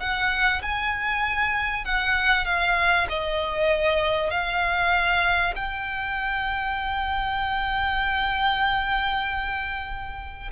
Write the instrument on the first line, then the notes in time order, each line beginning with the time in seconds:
violin
0.00 F#5
0.63 G#5
1.85 F#5
2.46 F5
3.10 D#5
4.31 F5
5.56 G5